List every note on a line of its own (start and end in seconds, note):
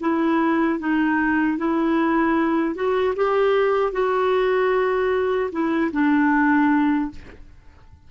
0.00 0.79 E4
0.79 1.58 D#4
1.58 2.75 E4
2.75 3.14 F#4
3.16 3.92 G4
3.92 5.50 F#4
5.52 5.91 E4
5.92 7.11 D4